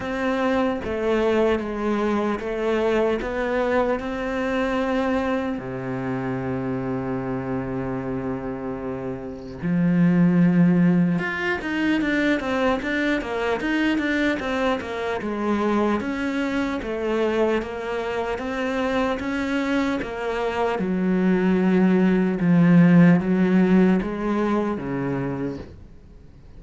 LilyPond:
\new Staff \with { instrumentName = "cello" } { \time 4/4 \tempo 4 = 75 c'4 a4 gis4 a4 | b4 c'2 c4~ | c1 | f2 f'8 dis'8 d'8 c'8 |
d'8 ais8 dis'8 d'8 c'8 ais8 gis4 | cis'4 a4 ais4 c'4 | cis'4 ais4 fis2 | f4 fis4 gis4 cis4 | }